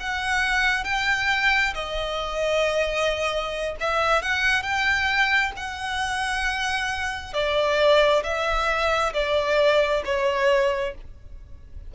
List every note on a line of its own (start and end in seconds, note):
0.00 0.85 F#5
0.85 1.74 G5
1.75 3.76 D#5
3.81 4.23 E5
4.23 4.63 F#5
4.63 5.52 G5
5.57 7.34 F#5
7.34 8.23 D5
8.24 9.13 E5
9.14 10.03 D5
10.05 10.95 C#5